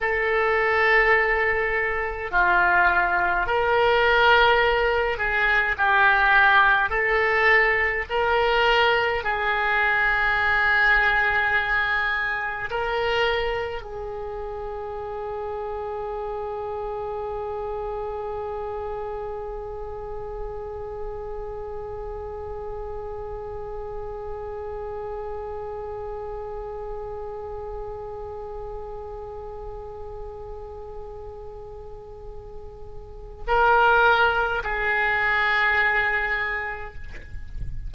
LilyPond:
\new Staff \with { instrumentName = "oboe" } { \time 4/4 \tempo 4 = 52 a'2 f'4 ais'4~ | ais'8 gis'8 g'4 a'4 ais'4 | gis'2. ais'4 | gis'1~ |
gis'1~ | gis'1~ | gis'1~ | gis'4 ais'4 gis'2 | }